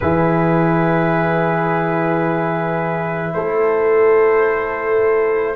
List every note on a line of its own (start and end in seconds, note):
0.00 3.33 E3
0.00 5.55 E4
0.00 3.34 G#4
0.00 3.33 B4
3.33 5.55 A3
3.33 5.55 A4
3.33 5.55 C5